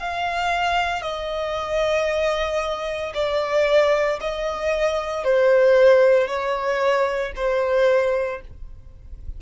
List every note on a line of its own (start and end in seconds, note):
0.00 1.02 F5
1.02 3.13 D#5
3.14 4.20 D5
4.21 5.24 D#5
5.24 6.28 C5
6.28 7.33 C#5
7.36 8.41 C5